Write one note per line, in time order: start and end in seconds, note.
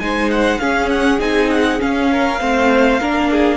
0.00 0.61 G#3
0.00 0.60 D#4
0.00 0.60 C5
0.00 0.30 G#5
0.31 0.59 F#5
0.59 1.20 C#4
0.59 2.10 G#4
0.59 0.89 F5
0.90 1.20 F#5
1.20 1.80 C4
1.20 1.79 D#4
1.20 1.51 G#5
1.51 1.81 F#5
1.79 2.39 C#4
1.79 2.41 C#4
1.79 3.57 F5
2.12 2.41 A#4
2.41 3.01 A3
2.41 3.00 C4
2.41 3.00 C5
3.00 3.57 A#3
3.00 3.57 D4
3.00 3.30 A#4
3.31 3.57 G#4